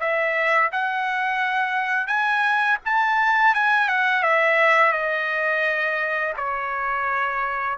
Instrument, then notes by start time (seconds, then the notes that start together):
trumpet
0.00 E5
0.72 F#5
2.07 G#5
2.85 A5
3.55 G#5
3.89 F#5
4.23 E5
4.93 D#5
6.37 C#5